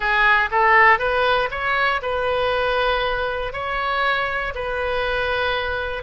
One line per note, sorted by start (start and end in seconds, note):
0.00 0.49 G#4
0.51 0.98 A4
0.98 1.49 B4
1.50 2.01 C#5
2.02 3.52 B4
3.52 4.53 C#5
4.54 6.03 B4